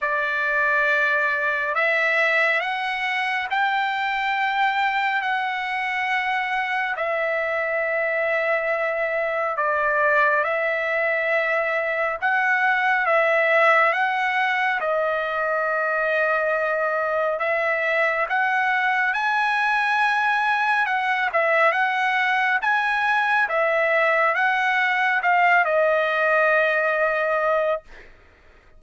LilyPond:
\new Staff \with { instrumentName = "trumpet" } { \time 4/4 \tempo 4 = 69 d''2 e''4 fis''4 | g''2 fis''2 | e''2. d''4 | e''2 fis''4 e''4 |
fis''4 dis''2. | e''4 fis''4 gis''2 | fis''8 e''8 fis''4 gis''4 e''4 | fis''4 f''8 dis''2~ dis''8 | }